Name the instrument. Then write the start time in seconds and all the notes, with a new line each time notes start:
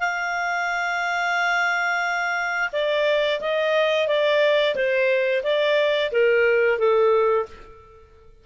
clarinet
0.00 F5
2.73 D5
3.41 D#5
4.08 D5
4.76 C5
5.44 D5
6.12 A#4
6.79 A4